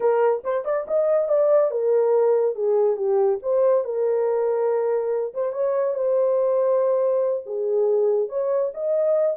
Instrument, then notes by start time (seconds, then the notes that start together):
horn
0.00 A#4
0.44 C5
0.65 D5
0.87 D#5
1.28 D5
1.70 A#4
2.55 G#4
2.96 G4
3.42 C5
3.84 A#4
5.34 C5
5.52 C#5
5.94 C5
7.46 G#4
8.28 C#5
8.74 D#5